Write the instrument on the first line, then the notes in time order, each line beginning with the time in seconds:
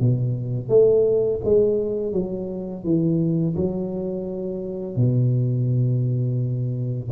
tuba
0.00 B2
0.69 A3
1.44 G#3
2.13 F#3
2.84 E3
3.56 F#3
4.96 B2